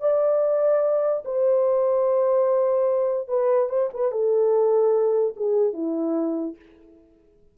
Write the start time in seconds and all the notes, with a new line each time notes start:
0.00 D5
1.25 C5
3.28 B4
3.69 C5
3.93 B4
4.11 A4
5.36 G#4
5.73 E4